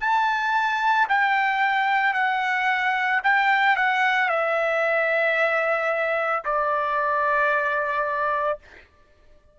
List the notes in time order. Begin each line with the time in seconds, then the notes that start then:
0.00 A5
1.09 G5
2.13 F#5
3.23 G5
3.76 F#5
4.28 E5
6.44 D5